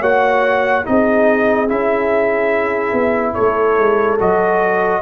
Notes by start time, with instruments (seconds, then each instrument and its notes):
0.00 tuba A#3, trombone F#4, horn C#5, trumpet F#5
0.85 tuba C4, trombone D#4, horn G#4, trumpet D#5
1.68 tuba C#4, trombone E4, trumpet E5
2.93 tuba B3
3.34 tuba A3, horn A4, trumpet C#5
3.78 tuba G#3
4.20 tuba F#3, trombone F#4, trumpet D#5